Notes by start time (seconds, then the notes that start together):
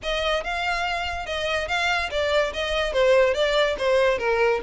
0.02 D#5
0.43 F5
1.26 D#5
1.68 F5
2.10 D5
2.53 D#5
2.92 C5
3.34 D5
3.78 C5
4.18 A#4